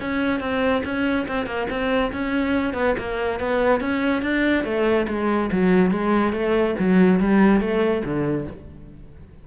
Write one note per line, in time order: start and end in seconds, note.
0.00 0.40 C#4
0.40 0.82 C4
0.84 1.26 C#4
1.28 1.46 C4
1.46 1.67 A#3
1.69 2.11 C4
2.12 2.73 C#4
2.73 2.94 B3
2.98 3.39 A#3
3.39 3.80 B3
3.80 4.22 C#4
4.22 4.64 D4
4.64 5.06 A3
5.07 5.49 G#3
5.51 5.91 F#3
5.91 6.32 G#3
6.32 6.75 A3
6.78 7.19 F#3
7.19 7.60 G3
7.60 8.02 A3
8.04 8.46 D3